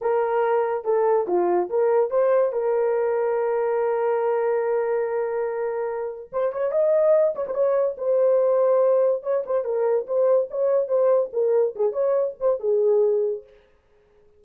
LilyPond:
\new Staff \with { instrumentName = "horn" } { \time 4/4 \tempo 4 = 143 ais'2 a'4 f'4 | ais'4 c''4 ais'2~ | ais'1~ | ais'2. c''8 cis''8 |
dis''4. cis''16 c''16 cis''4 c''4~ | c''2 cis''8 c''8 ais'4 | c''4 cis''4 c''4 ais'4 | gis'8 cis''4 c''8 gis'2 | }